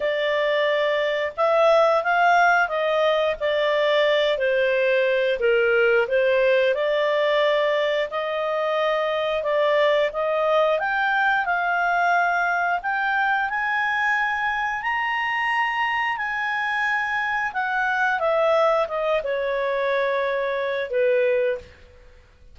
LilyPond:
\new Staff \with { instrumentName = "clarinet" } { \time 4/4 \tempo 4 = 89 d''2 e''4 f''4 | dis''4 d''4. c''4. | ais'4 c''4 d''2 | dis''2 d''4 dis''4 |
g''4 f''2 g''4 | gis''2 ais''2 | gis''2 fis''4 e''4 | dis''8 cis''2~ cis''8 b'4 | }